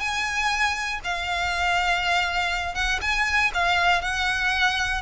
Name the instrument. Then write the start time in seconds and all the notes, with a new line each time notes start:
violin
0.00 G#5
1.04 F5
2.75 F#5
3.01 G#5
3.54 F5
4.02 F#5